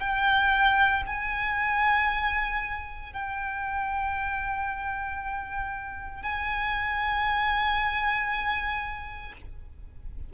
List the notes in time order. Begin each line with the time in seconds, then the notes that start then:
0.00 G5
1.07 G#5
3.13 G5
6.23 G#5